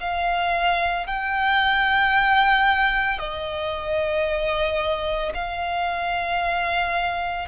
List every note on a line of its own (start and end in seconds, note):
0.00 1.07 F5
1.07 3.19 G5
3.19 5.33 D#5
5.34 7.48 F5